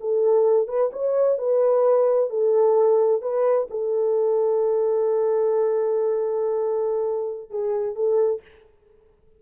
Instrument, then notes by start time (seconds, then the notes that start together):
horn
0.00 A4
0.67 B4
0.92 C#5
1.38 B4
2.29 A4
3.21 B4
3.70 A4
7.50 G#4
7.95 A4